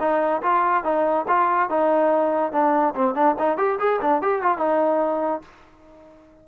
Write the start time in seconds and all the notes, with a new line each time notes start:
0.00 D#4
0.43 F4
0.84 D#4
1.28 F4
1.70 D#4
2.53 D4
2.95 C4
3.15 D4
3.39 D#4
3.58 G4
3.80 G#4
4.02 D4
4.22 G4
4.43 F4
4.58 D#4